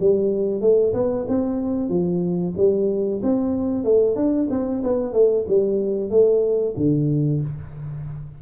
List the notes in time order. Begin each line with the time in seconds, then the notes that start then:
0.00 G3
0.61 A3
0.94 B3
1.28 C4
1.89 F3
2.57 G3
3.23 C4
3.84 A3
4.16 D4
4.50 C4
4.84 B3
5.13 A3
5.48 G3
6.10 A3
6.77 D3